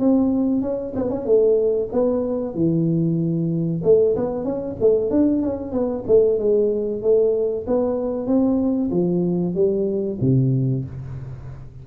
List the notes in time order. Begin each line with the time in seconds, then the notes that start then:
0.00 C4
0.62 C#4
0.96 B3
1.10 C#4
1.26 A3
1.92 B3
2.54 E3
3.84 A3
4.16 B3
4.44 C#4
4.80 A3
5.11 D4
5.43 C#4
5.72 B3
6.07 A3
6.39 G#3
7.02 A3
7.67 B3
8.27 C4
8.91 F3
9.55 G3
10.21 C3